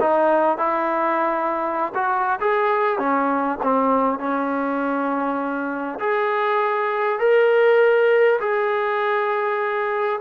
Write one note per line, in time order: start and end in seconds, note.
0.00 0.58 D#4
0.58 1.93 E4
1.94 2.39 F#4
2.40 2.99 G#4
2.99 3.59 C#4
3.63 4.19 C4
4.19 5.99 C#4
5.99 7.19 G#4
7.19 8.39 A#4
8.40 10.20 G#4